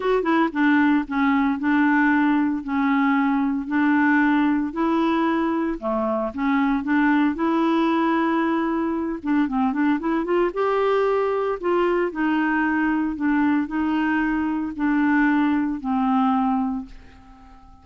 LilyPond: \new Staff \with { instrumentName = "clarinet" } { \time 4/4 \tempo 4 = 114 fis'8 e'8 d'4 cis'4 d'4~ | d'4 cis'2 d'4~ | d'4 e'2 a4 | cis'4 d'4 e'2~ |
e'4. d'8 c'8 d'8 e'8 f'8 | g'2 f'4 dis'4~ | dis'4 d'4 dis'2 | d'2 c'2 | }